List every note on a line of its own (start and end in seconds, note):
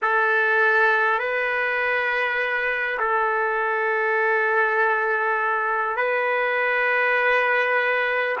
0.02 1.18 A4
1.18 2.98 B4
2.99 5.96 A4
5.96 8.36 B4